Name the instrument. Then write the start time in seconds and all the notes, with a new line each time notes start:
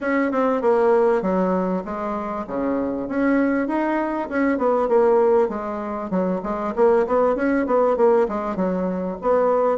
bassoon
0.01 C#4
0.31 C4
0.61 A#3
1.22 F#3
1.85 G#3
2.47 C#3
3.08 C#4
3.67 D#4
4.29 C#4
4.58 B3
4.88 A#3
5.49 G#3
6.10 F#3
6.43 G#3
6.75 A#3
7.06 B3
7.35 C#4
7.66 B3
7.96 A#3
8.28 G#3
8.55 F#3
9.21 B3